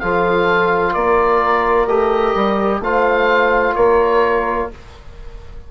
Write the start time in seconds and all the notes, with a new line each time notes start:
0.00 F3 F4 A4 F5
0.93 A#3 A#4 D5
1.87 A3 G4 D#5
2.35 G3
2.80 A3 F4 C5 F5
3.75 A#3 A#4 C#5